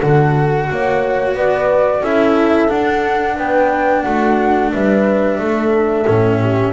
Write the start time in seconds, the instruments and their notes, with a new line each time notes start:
0.00 double bass D3, cello F#4, horn A4, flute F#5
0.71 double bass A#3, horn C#5
1.35 double bass B3, horn B4, flute D5
2.01 double bass C#4, cello E4, horn A4, flute E5
2.68 cello D4, double bass D4, flute F#5
3.36 double bass B3, horn B4, flute G5
4.02 double bass A3, horn F#4, flute F#5
4.72 double bass G3, horn B4, flute E5
5.39 double bass A3, horn A4
6.07 double bass A2, cello C#4
6.41 horn G4